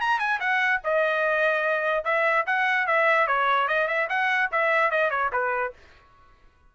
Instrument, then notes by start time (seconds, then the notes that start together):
trumpet
0.00 A#5
0.19 G#5
0.40 F#5
0.84 D#5
2.04 E5
2.46 F#5
2.87 E5
3.27 C#5
3.68 D#5
3.88 E5
4.09 F#5
4.52 E5
4.91 D#5
5.10 C#5
5.32 B4